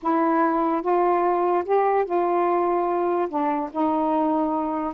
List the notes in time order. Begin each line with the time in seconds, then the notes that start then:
0.02 E4
0.82 F4
1.64 G4
2.05 F4
3.29 D4
3.71 D#4